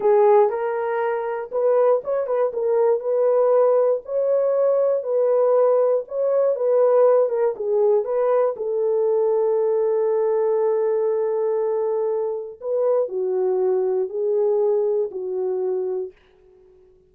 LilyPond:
\new Staff \with { instrumentName = "horn" } { \time 4/4 \tempo 4 = 119 gis'4 ais'2 b'4 | cis''8 b'8 ais'4 b'2 | cis''2 b'2 | cis''4 b'4. ais'8 gis'4 |
b'4 a'2.~ | a'1~ | a'4 b'4 fis'2 | gis'2 fis'2 | }